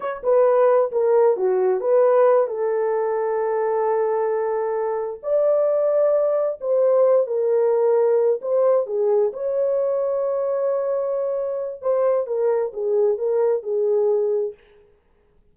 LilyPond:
\new Staff \with { instrumentName = "horn" } { \time 4/4 \tempo 4 = 132 cis''8 b'4. ais'4 fis'4 | b'4. a'2~ a'8~ | a'2.~ a'8 d''8~ | d''2~ d''8 c''4. |
ais'2~ ais'8 c''4 gis'8~ | gis'8 cis''2.~ cis''8~ | cis''2 c''4 ais'4 | gis'4 ais'4 gis'2 | }